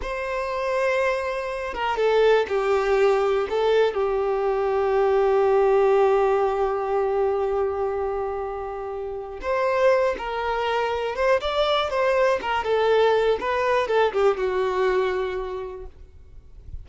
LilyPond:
\new Staff \with { instrumentName = "violin" } { \time 4/4 \tempo 4 = 121 c''2.~ c''8 ais'8 | a'4 g'2 a'4 | g'1~ | g'1~ |
g'2. c''4~ | c''8 ais'2 c''8 d''4 | c''4 ais'8 a'4. b'4 | a'8 g'8 fis'2. | }